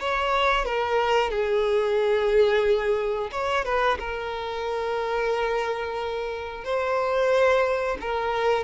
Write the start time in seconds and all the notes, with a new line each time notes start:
0.00 C#5
0.65 A#4
1.30 G#4
3.31 C#5
3.65 B4
3.99 A#4
6.64 C5
8.01 A#4